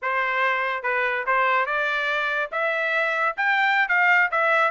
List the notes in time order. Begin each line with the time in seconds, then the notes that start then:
0.02 C5
0.83 B4
1.26 C5
1.66 D5
2.51 E5
3.36 G5
3.88 F5
4.31 E5